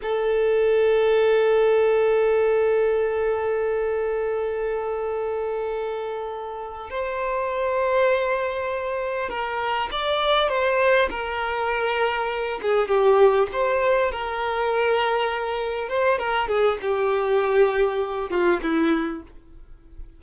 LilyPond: \new Staff \with { instrumentName = "violin" } { \time 4/4 \tempo 4 = 100 a'1~ | a'1~ | a'2.~ a'8 c''8~ | c''2.~ c''8 ais'8~ |
ais'8 d''4 c''4 ais'4.~ | ais'4 gis'8 g'4 c''4 ais'8~ | ais'2~ ais'8 c''8 ais'8 gis'8 | g'2~ g'8 f'8 e'4 | }